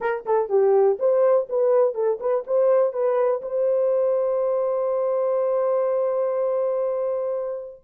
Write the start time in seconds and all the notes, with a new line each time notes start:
0.00 A#4
0.25 A4
0.49 G4
0.99 C5
1.49 B4
1.94 A4
2.20 B4
2.47 C5
2.92 B4
3.42 C5